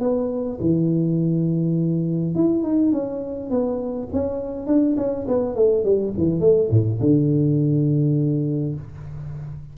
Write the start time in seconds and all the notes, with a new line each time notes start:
0.00 B3
0.60 E3
2.34 E4
2.63 D#4
2.92 C#4
3.50 B3
4.13 C#4
4.66 D4
4.96 C#4
5.27 B3
5.55 A3
5.84 G3
6.17 E3
6.40 A3
6.70 A2
7.00 D3